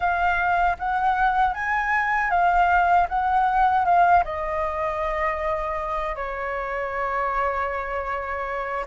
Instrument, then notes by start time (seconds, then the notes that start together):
flute
0.00 F5
0.79 F#5
1.53 G#5
2.30 F5
3.08 F#5
3.85 F5
4.24 D#5
6.15 C#5